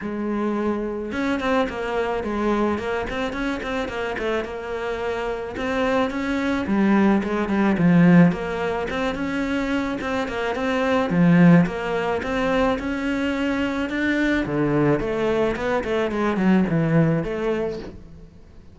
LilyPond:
\new Staff \with { instrumentName = "cello" } { \time 4/4 \tempo 4 = 108 gis2 cis'8 c'8 ais4 | gis4 ais8 c'8 cis'8 c'8 ais8 a8 | ais2 c'4 cis'4 | g4 gis8 g8 f4 ais4 |
c'8 cis'4. c'8 ais8 c'4 | f4 ais4 c'4 cis'4~ | cis'4 d'4 d4 a4 | b8 a8 gis8 fis8 e4 a4 | }